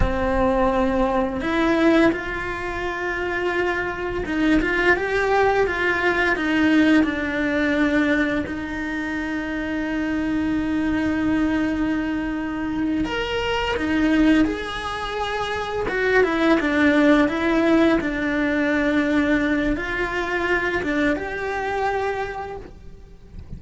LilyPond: \new Staff \with { instrumentName = "cello" } { \time 4/4 \tempo 4 = 85 c'2 e'4 f'4~ | f'2 dis'8 f'8 g'4 | f'4 dis'4 d'2 | dis'1~ |
dis'2~ dis'8 ais'4 dis'8~ | dis'8 gis'2 fis'8 e'8 d'8~ | d'8 e'4 d'2~ d'8 | f'4. d'8 g'2 | }